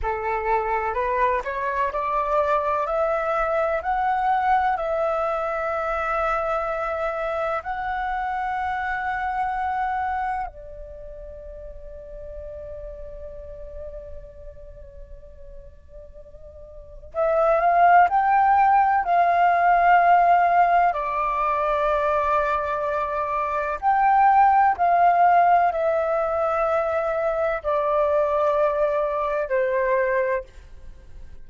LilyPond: \new Staff \with { instrumentName = "flute" } { \time 4/4 \tempo 4 = 63 a'4 b'8 cis''8 d''4 e''4 | fis''4 e''2. | fis''2. d''4~ | d''1~ |
d''2 e''8 f''8 g''4 | f''2 d''2~ | d''4 g''4 f''4 e''4~ | e''4 d''2 c''4 | }